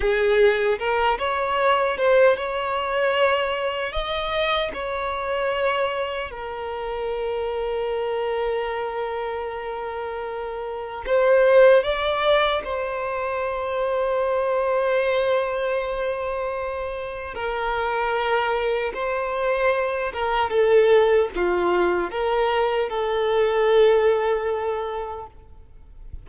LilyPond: \new Staff \with { instrumentName = "violin" } { \time 4/4 \tempo 4 = 76 gis'4 ais'8 cis''4 c''8 cis''4~ | cis''4 dis''4 cis''2 | ais'1~ | ais'2 c''4 d''4 |
c''1~ | c''2 ais'2 | c''4. ais'8 a'4 f'4 | ais'4 a'2. | }